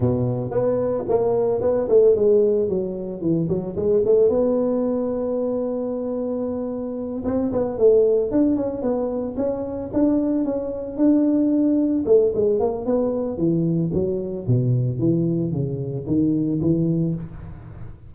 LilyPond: \new Staff \with { instrumentName = "tuba" } { \time 4/4 \tempo 4 = 112 b,4 b4 ais4 b8 a8 | gis4 fis4 e8 fis8 gis8 a8 | b1~ | b4. c'8 b8 a4 d'8 |
cis'8 b4 cis'4 d'4 cis'8~ | cis'8 d'2 a8 gis8 ais8 | b4 e4 fis4 b,4 | e4 cis4 dis4 e4 | }